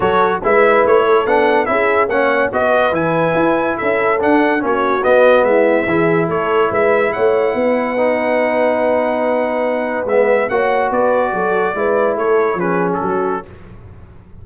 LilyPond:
<<
  \new Staff \with { instrumentName = "trumpet" } { \time 4/4 \tempo 4 = 143 cis''4 e''4 cis''4 fis''4 | e''4 fis''4 dis''4 gis''4~ | gis''4 e''4 fis''4 cis''4 | dis''4 e''2 cis''4 |
e''4 fis''2.~ | fis''1 | e''4 fis''4 d''2~ | d''4 cis''4 b'8. a'4~ a'16 | }
  \new Staff \with { instrumentName = "horn" } { \time 4/4 a'4 b'4. a'4. | gis'4 cis''4 b'2~ | b'4 a'2 fis'4~ | fis'4 e'4 gis'4 a'4 |
b'4 cis''4 b'2~ | b'1~ | b'4 cis''4 b'4 a'4 | b'4 a'4 gis'4 fis'4 | }
  \new Staff \with { instrumentName = "trombone" } { \time 4/4 fis'4 e'2 d'4 | e'4 cis'4 fis'4 e'4~ | e'2 d'4 cis'4 | b2 e'2~ |
e'2. dis'4~ | dis'1 | b4 fis'2. | e'2 cis'2 | }
  \new Staff \with { instrumentName = "tuba" } { \time 4/4 fis4 gis4 a4 b4 | cis'4 ais4 b4 e4 | e'4 cis'4 d'4 ais4 | b4 gis4 e4 a4 |
gis4 a4 b2~ | b1 | gis4 ais4 b4 fis4 | gis4 a4 f4 fis4 | }
>>